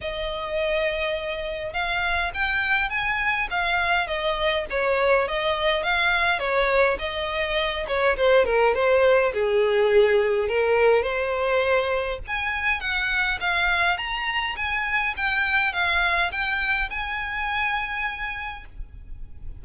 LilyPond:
\new Staff \with { instrumentName = "violin" } { \time 4/4 \tempo 4 = 103 dis''2. f''4 | g''4 gis''4 f''4 dis''4 | cis''4 dis''4 f''4 cis''4 | dis''4. cis''8 c''8 ais'8 c''4 |
gis'2 ais'4 c''4~ | c''4 gis''4 fis''4 f''4 | ais''4 gis''4 g''4 f''4 | g''4 gis''2. | }